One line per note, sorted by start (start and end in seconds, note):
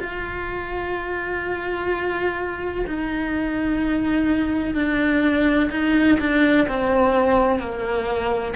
0.00 2.86 F4
2.87 4.75 D#4
4.75 5.70 D4
5.71 6.19 D#4
6.19 6.67 D4
6.68 7.60 C4
7.60 8.55 A#3